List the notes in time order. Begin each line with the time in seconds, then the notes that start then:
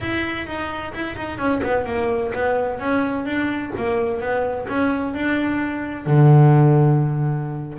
0.00 E4
0.46 D#4
0.94 E4
1.16 D#4
1.38 C#4
1.63 B3
1.86 A#3
2.34 B3
2.79 C#4
3.25 D4
3.76 A#3
4.20 B3
4.68 C#4
5.14 D4
6.06 D3